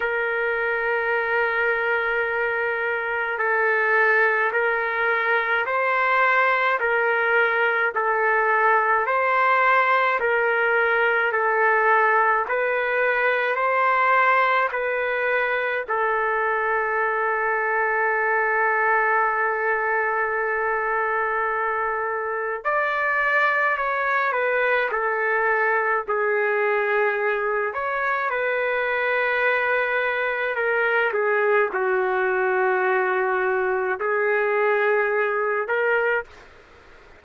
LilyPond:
\new Staff \with { instrumentName = "trumpet" } { \time 4/4 \tempo 4 = 53 ais'2. a'4 | ais'4 c''4 ais'4 a'4 | c''4 ais'4 a'4 b'4 | c''4 b'4 a'2~ |
a'1 | d''4 cis''8 b'8 a'4 gis'4~ | gis'8 cis''8 b'2 ais'8 gis'8 | fis'2 gis'4. ais'8 | }